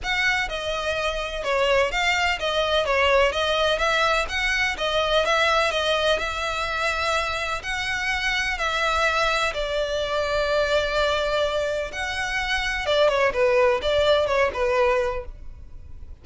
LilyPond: \new Staff \with { instrumentName = "violin" } { \time 4/4 \tempo 4 = 126 fis''4 dis''2 cis''4 | f''4 dis''4 cis''4 dis''4 | e''4 fis''4 dis''4 e''4 | dis''4 e''2. |
fis''2 e''2 | d''1~ | d''4 fis''2 d''8 cis''8 | b'4 d''4 cis''8 b'4. | }